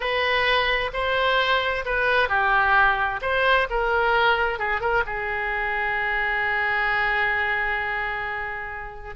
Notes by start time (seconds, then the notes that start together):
0.00 B4
0.93 C5
1.85 B4
2.28 G4
3.21 C5
3.70 A#4
4.58 G#4
4.80 A#4
5.06 G#4